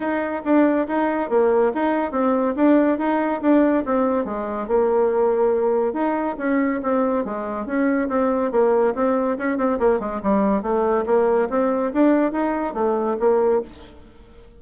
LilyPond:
\new Staff \with { instrumentName = "bassoon" } { \time 4/4 \tempo 4 = 141 dis'4 d'4 dis'4 ais4 | dis'4 c'4 d'4 dis'4 | d'4 c'4 gis4 ais4~ | ais2 dis'4 cis'4 |
c'4 gis4 cis'4 c'4 | ais4 c'4 cis'8 c'8 ais8 gis8 | g4 a4 ais4 c'4 | d'4 dis'4 a4 ais4 | }